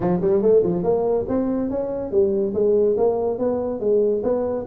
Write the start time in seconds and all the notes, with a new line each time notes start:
0.00 F3
0.21 G3
0.41 A3
0.63 F3
0.83 A#3
1.28 C4
1.70 C#4
2.11 G3
2.54 G#3
2.97 A#3
3.38 B3
3.80 G#3
4.23 B3